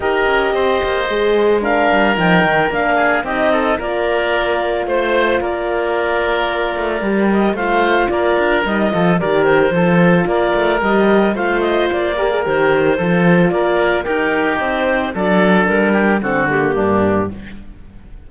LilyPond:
<<
  \new Staff \with { instrumentName = "clarinet" } { \time 4/4 \tempo 4 = 111 dis''2. f''4 | g''4 f''4 dis''4 d''4~ | d''4 c''4 d''2~ | d''4. dis''8 f''4 d''4 |
dis''4 d''8 c''4. d''4 | dis''4 f''8 dis''8 d''4 c''4~ | c''4 d''4 ais'4 c''4 | d''4 ais'4 a'8 g'4. | }
  \new Staff \with { instrumentName = "oboe" } { \time 4/4 ais'4 c''2 ais'4~ | ais'4. gis'8 g'8 a'8 ais'4~ | ais'4 c''4 ais'2~ | ais'2 c''4 ais'4~ |
ais'8 a'8 ais'4 a'4 ais'4~ | ais'4 c''4. ais'4. | a'4 ais'4 g'2 | a'4. g'8 fis'4 d'4 | }
  \new Staff \with { instrumentName = "horn" } { \time 4/4 g'2 gis'4 d'4 | dis'4 d'4 dis'4 f'4~ | f'1~ | f'4 g'4 f'2 |
dis'8 f'8 g'4 f'2 | g'4 f'4. g'16 gis'16 g'4 | f'2 dis'2 | d'2 c'8 ais4. | }
  \new Staff \with { instrumentName = "cello" } { \time 4/4 dis'8 cis'8 c'8 ais8 gis4. g8 | f8 dis8 ais4 c'4 ais4~ | ais4 a4 ais2~ | ais8 a8 g4 a4 ais8 d'8 |
g8 f8 dis4 f4 ais8 a8 | g4 a4 ais4 dis4 | f4 ais4 dis'4 c'4 | fis4 g4 d4 g,4 | }
>>